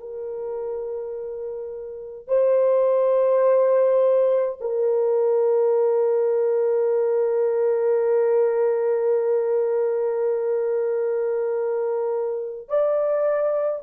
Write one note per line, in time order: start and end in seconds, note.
0.00 2.28 A#4
2.28 4.59 C5
4.61 12.69 A#4
12.69 13.83 D5